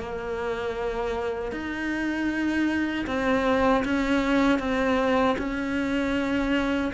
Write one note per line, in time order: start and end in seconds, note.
0.00 1.52 A#3
1.52 3.06 D#4
3.07 3.84 C4
3.85 4.60 C#4
4.60 5.37 C4
5.38 6.92 C#4